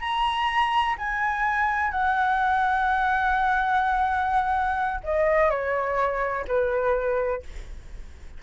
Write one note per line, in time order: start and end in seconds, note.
0.00 0.95 A#5
0.98 1.91 G#5
1.91 5.00 F#5
5.03 5.50 D#5
5.50 6.45 C#5
6.47 7.42 B4